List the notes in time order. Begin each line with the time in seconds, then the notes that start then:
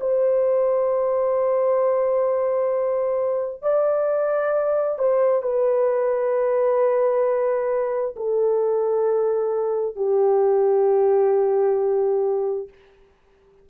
0.00 C5
3.62 D5
4.98 C5
5.42 B4
8.16 A4
9.95 G4